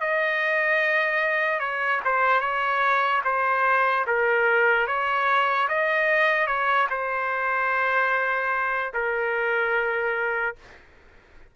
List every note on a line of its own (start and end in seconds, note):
0.00 1.60 D#5
1.60 2.00 C#5
2.05 2.40 C5
2.40 3.21 C#5
3.24 4.05 C5
4.07 4.87 A#4
4.87 5.68 C#5
5.68 6.46 D#5
6.46 6.87 C#5
6.90 8.93 C5
8.93 10.56 A#4